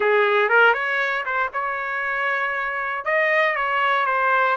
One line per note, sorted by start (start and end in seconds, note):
0.00 0.49 G#4
0.49 0.73 A#4
0.73 1.24 C#5
1.25 1.50 C5
1.53 3.04 C#5
3.04 3.55 D#5
3.55 4.06 C#5
4.06 4.56 C5